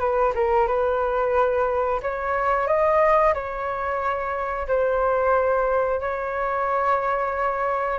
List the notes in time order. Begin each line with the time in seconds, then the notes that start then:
0.00 B4
0.35 A#4
0.68 B4
2.03 C#5
2.68 D#5
3.34 C#5
4.68 C5
6.01 C#5